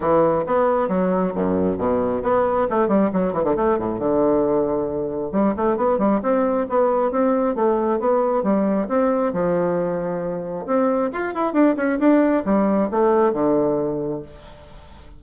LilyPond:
\new Staff \with { instrumentName = "bassoon" } { \time 4/4 \tempo 4 = 135 e4 b4 fis4 fis,4 | b,4 b4 a8 g8 fis8 e16 d16 | a8 a,8 d2. | g8 a8 b8 g8 c'4 b4 |
c'4 a4 b4 g4 | c'4 f2. | c'4 f'8 e'8 d'8 cis'8 d'4 | g4 a4 d2 | }